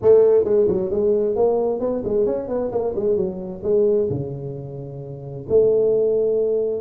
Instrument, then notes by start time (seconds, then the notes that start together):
tuba
0.01 A3
0.44 G#3
0.68 F#3
0.90 G#3
1.35 A#3
1.80 B3
2.04 G#3
2.25 C#4
2.48 B3
2.71 A#3
2.95 G#3
3.16 F#3
3.63 G#3
4.09 C#3
5.49 A3